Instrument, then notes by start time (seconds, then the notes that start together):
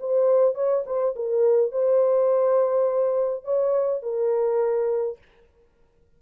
horn
0.00 C5
0.55 C#5
0.86 C5
1.16 A#4
1.72 C5
3.44 C#5
4.02 A#4